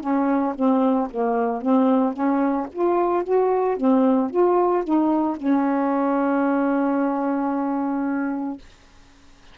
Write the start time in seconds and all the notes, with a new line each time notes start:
0.00 C#4
0.55 C4
1.10 A#3
1.61 C4
2.13 C#4
2.72 F4
3.23 F#4
3.76 C4
4.30 F4
4.84 D#4
5.36 C#4